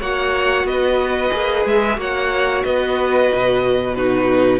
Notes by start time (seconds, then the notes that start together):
0.00 A#3 F#4 C#5 F#5
0.64 B3 B4 D#5
1.32 A#3 G#4
1.66 G#3 E5
1.97 A#3 F#4 C#5 F#5
2.64 B3 B4 D#5
3.34 B2
3.95 D#4 F#4 B4